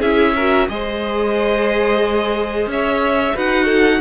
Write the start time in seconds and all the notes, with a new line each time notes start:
0.00 C#4 E4 G#4 E5
0.36 F#4 A#4
0.69 G#3 G#4 C5 D#5
2.67 C#4 C#5 E5
3.35 D#4 F#4 B4 F#5
3.65 A4